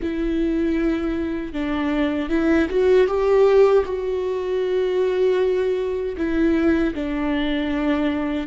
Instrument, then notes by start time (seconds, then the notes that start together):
viola
0.01 E4
1.52 D4
2.29 E4
2.69 F#4
3.07 G4
3.85 F#4
6.17 E4
6.94 D4